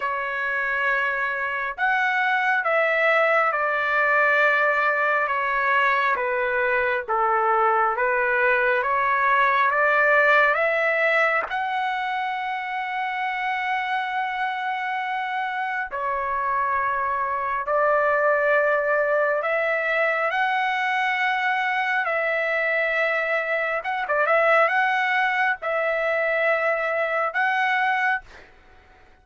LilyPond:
\new Staff \with { instrumentName = "trumpet" } { \time 4/4 \tempo 4 = 68 cis''2 fis''4 e''4 | d''2 cis''4 b'4 | a'4 b'4 cis''4 d''4 | e''4 fis''2.~ |
fis''2 cis''2 | d''2 e''4 fis''4~ | fis''4 e''2 fis''16 d''16 e''8 | fis''4 e''2 fis''4 | }